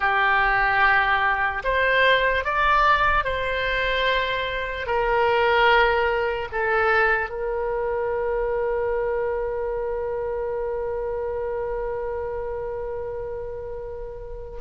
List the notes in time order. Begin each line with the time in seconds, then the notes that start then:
0.00 G4
1.64 C5
2.44 D5
3.24 C5
4.86 A#4
6.52 A4
7.29 A#4